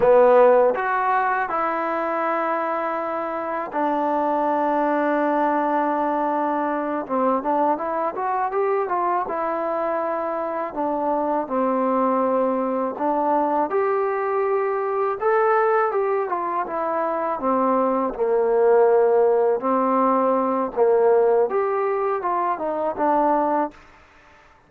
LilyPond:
\new Staff \with { instrumentName = "trombone" } { \time 4/4 \tempo 4 = 81 b4 fis'4 e'2~ | e'4 d'2.~ | d'4. c'8 d'8 e'8 fis'8 g'8 | f'8 e'2 d'4 c'8~ |
c'4. d'4 g'4.~ | g'8 a'4 g'8 f'8 e'4 c'8~ | c'8 ais2 c'4. | ais4 g'4 f'8 dis'8 d'4 | }